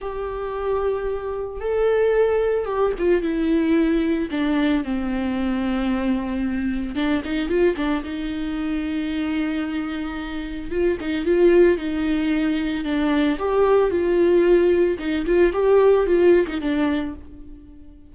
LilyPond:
\new Staff \with { instrumentName = "viola" } { \time 4/4 \tempo 4 = 112 g'2. a'4~ | a'4 g'8 f'8 e'2 | d'4 c'2.~ | c'4 d'8 dis'8 f'8 d'8 dis'4~ |
dis'1 | f'8 dis'8 f'4 dis'2 | d'4 g'4 f'2 | dis'8 f'8 g'4 f'8. dis'16 d'4 | }